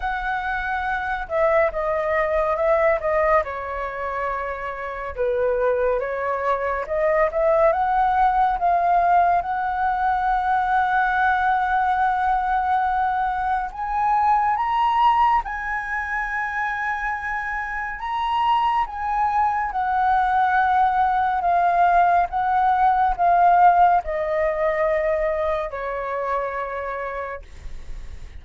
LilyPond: \new Staff \with { instrumentName = "flute" } { \time 4/4 \tempo 4 = 70 fis''4. e''8 dis''4 e''8 dis''8 | cis''2 b'4 cis''4 | dis''8 e''8 fis''4 f''4 fis''4~ | fis''1 |
gis''4 ais''4 gis''2~ | gis''4 ais''4 gis''4 fis''4~ | fis''4 f''4 fis''4 f''4 | dis''2 cis''2 | }